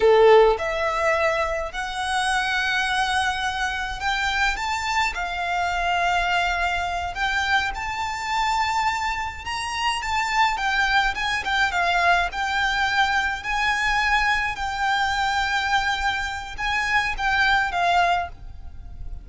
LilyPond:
\new Staff \with { instrumentName = "violin" } { \time 4/4 \tempo 4 = 105 a'4 e''2 fis''4~ | fis''2. g''4 | a''4 f''2.~ | f''8 g''4 a''2~ a''8~ |
a''8 ais''4 a''4 g''4 gis''8 | g''8 f''4 g''2 gis''8~ | gis''4. g''2~ g''8~ | g''4 gis''4 g''4 f''4 | }